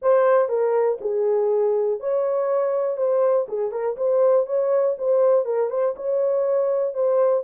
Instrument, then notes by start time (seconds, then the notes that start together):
horn
0.02 C5
0.48 A#4
1.01 G#4
2.00 C#5
2.97 C5
3.48 G#4
3.71 A#4
3.96 C5
4.46 C#5
4.97 C5
5.45 A#4
5.70 C5
5.95 C#5
6.94 C5